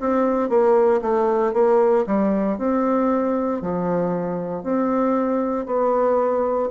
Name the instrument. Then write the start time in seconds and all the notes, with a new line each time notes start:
bassoon
0.00 C4
0.49 A#3
1.02 A3
1.54 A#3
2.07 G3
2.58 C4
3.62 F3
4.63 C4
5.66 B3